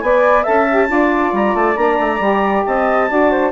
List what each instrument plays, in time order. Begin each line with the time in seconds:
0.00 bassoon B3, saxophone B4, flute D5, clarinet G#5
0.43 bassoon C#4, saxophone A4, flute E5, clarinet A5
0.71 saxophone G4
0.86 bassoon D4, saxophone F4, flute D5
1.32 bassoon G3, clarinet A#5
1.54 bassoon A3, clarinet A5
1.75 bassoon A#3, saxophone D4, clarinet A#5
1.99 bassoon A3
2.19 bassoon G3, saxophone G4
2.65 bassoon C4, flute D#5, clarinet A5
3.08 bassoon D4, saxophone F#4, flute D5
3.30 flute C5